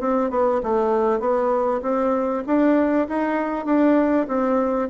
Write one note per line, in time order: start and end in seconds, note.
0.00 0.30 C4
0.30 0.61 B3
0.63 1.19 A3
1.19 1.81 B3
1.82 2.43 C4
2.46 3.08 D4
3.08 3.65 D#4
3.65 4.26 D4
4.27 4.89 C4